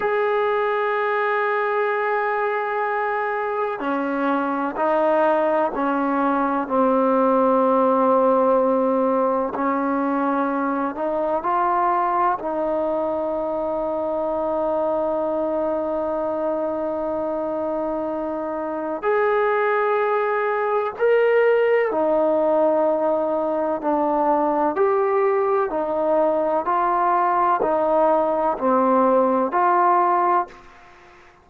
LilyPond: \new Staff \with { instrumentName = "trombone" } { \time 4/4 \tempo 4 = 63 gis'1 | cis'4 dis'4 cis'4 c'4~ | c'2 cis'4. dis'8 | f'4 dis'2.~ |
dis'1 | gis'2 ais'4 dis'4~ | dis'4 d'4 g'4 dis'4 | f'4 dis'4 c'4 f'4 | }